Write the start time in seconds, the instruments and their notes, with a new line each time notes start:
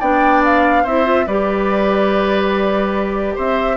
0.00 bassoon B3, clarinet D4, oboe D5, flute G5
0.45 flute F5
0.84 bassoon C4, clarinet E4, oboe C5, flute E5
1.05 clarinet F4
1.27 bassoon G3, clarinet G4, oboe B4, flute D5
3.35 bassoon C4, oboe C5, flute E5